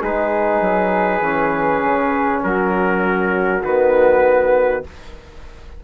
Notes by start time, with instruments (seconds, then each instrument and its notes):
0.00 bassoon G#3, trombone D#4, flute G#4, trumpet B4
0.61 bassoon F#3
1.21 bassoon E3, trombone C#4
1.82 bassoon C#3
2.43 bassoon F#3, flute F#4, trumpet A#4
3.63 bassoon D#3, trombone B3, trumpet B4